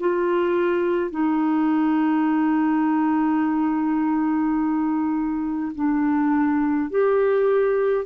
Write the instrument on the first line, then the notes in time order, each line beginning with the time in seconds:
clarinet
0.00 F4
1.11 D#4
5.75 D4
6.91 G4